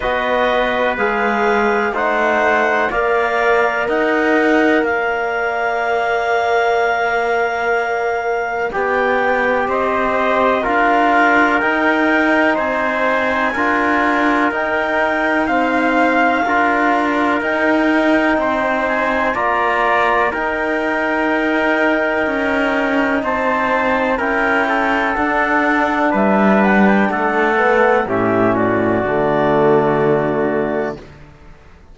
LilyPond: <<
  \new Staff \with { instrumentName = "clarinet" } { \time 4/4 \tempo 4 = 62 dis''4 f''4 fis''4 f''4 | fis''4 f''2.~ | f''4 g''4 dis''4 f''4 | g''4 gis''2 g''4 |
f''2 g''4. gis''8 | ais''4 g''2. | a''4 g''4 fis''4 e''8 fis''16 g''16 | fis''4 e''8 d''2~ d''8 | }
  \new Staff \with { instrumentName = "trumpet" } { \time 4/4 b'2 c''4 d''4 | dis''4 d''2.~ | d''2 c''4 ais'4~ | ais'4 c''4 ais'2 |
f''4 ais'2 c''4 | d''4 ais'2. | c''4 ais'8 a'4. b'4 | a'4 g'8 fis'2~ fis'8 | }
  \new Staff \with { instrumentName = "trombone" } { \time 4/4 fis'4 gis'4 dis'4 ais'4~ | ais'1~ | ais'4 g'2 f'4 | dis'2 f'4 dis'4 |
c'4 f'4 dis'2 | f'4 dis'2.~ | dis'4 e'4 d'2~ | d'8 b8 cis'4 a2 | }
  \new Staff \with { instrumentName = "cello" } { \time 4/4 b4 gis4 a4 ais4 | dis'4 ais2.~ | ais4 b4 c'4 d'4 | dis'4 c'4 d'4 dis'4~ |
dis'4 d'4 dis'4 c'4 | ais4 dis'2 cis'4 | c'4 cis'4 d'4 g4 | a4 a,4 d2 | }
>>